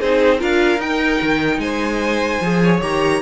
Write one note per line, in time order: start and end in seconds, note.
0.00 0.42 C4
0.00 0.39 D#4
0.00 0.39 G#4
0.00 0.41 C5
0.39 0.78 D4
0.39 0.80 F4
0.39 1.60 A#4
0.39 0.81 F5
0.78 1.19 D#4
0.78 2.42 D#4
0.78 1.60 G5
1.22 1.58 D#3
1.58 2.39 G#3
1.58 2.62 C5
1.58 2.81 G#5
2.41 2.82 F3
2.41 2.82 G#4
2.63 3.22 C#5
2.82 3.22 D#3
2.82 3.22 G4
2.82 3.22 A#5